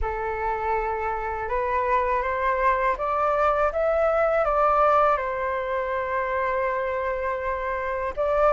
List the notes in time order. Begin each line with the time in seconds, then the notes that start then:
0.01 A4
1.48 B4
2.22 C5
2.97 D5
3.72 E5
4.44 D5
5.17 C5
8.16 D5